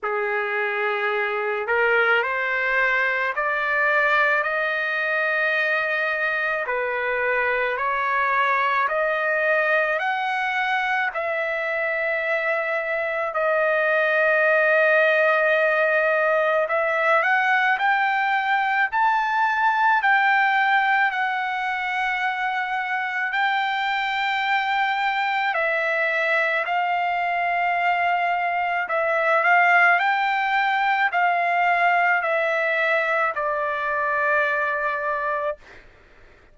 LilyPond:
\new Staff \with { instrumentName = "trumpet" } { \time 4/4 \tempo 4 = 54 gis'4. ais'8 c''4 d''4 | dis''2 b'4 cis''4 | dis''4 fis''4 e''2 | dis''2. e''8 fis''8 |
g''4 a''4 g''4 fis''4~ | fis''4 g''2 e''4 | f''2 e''8 f''8 g''4 | f''4 e''4 d''2 | }